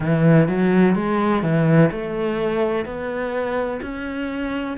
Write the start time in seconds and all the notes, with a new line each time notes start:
0.00 E3
0.48 F#3
0.95 G#3
1.42 E3
1.90 A3
2.85 B3
3.81 C#4